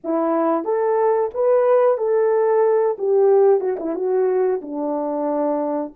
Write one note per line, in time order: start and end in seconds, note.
0.04 0.64 E4
0.64 1.30 A4
1.34 1.98 B4
1.98 2.96 A4
2.98 3.60 G4
3.60 3.76 F#4
3.79 3.95 E4
3.95 4.61 F#4
4.61 5.93 D4